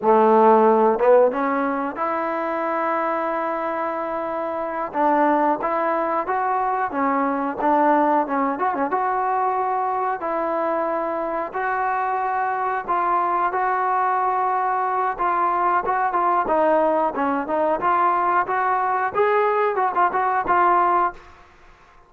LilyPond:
\new Staff \with { instrumentName = "trombone" } { \time 4/4 \tempo 4 = 91 a4. b8 cis'4 e'4~ | e'2.~ e'8 d'8~ | d'8 e'4 fis'4 cis'4 d'8~ | d'8 cis'8 fis'16 cis'16 fis'2 e'8~ |
e'4. fis'2 f'8~ | f'8 fis'2~ fis'8 f'4 | fis'8 f'8 dis'4 cis'8 dis'8 f'4 | fis'4 gis'4 fis'16 f'16 fis'8 f'4 | }